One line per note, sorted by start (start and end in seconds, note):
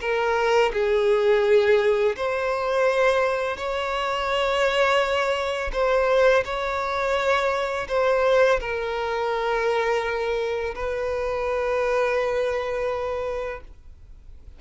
0.00 0.71 A#4
0.73 2.16 G#4
2.16 3.56 C5
3.56 5.71 C#5
5.72 6.44 C5
6.44 7.87 C#5
7.88 8.59 C5
8.60 10.74 A#4
10.75 13.60 B4